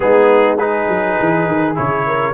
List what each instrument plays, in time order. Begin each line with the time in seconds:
0.00 tuba G#3, trombone B3, horn D#4, trumpet G#4
0.58 trombone D#4, horn G#4, trumpet B4
0.88 tuba F#3
1.19 tuba E3
1.47 tuba D#3
1.74 tuba C#3, trombone E4, trumpet C#5
2.06 horn A#4